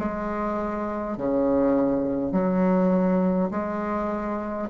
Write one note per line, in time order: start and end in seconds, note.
0.00 1.18 G#3
1.18 2.33 C#3
2.33 3.50 F#3
3.51 4.69 G#3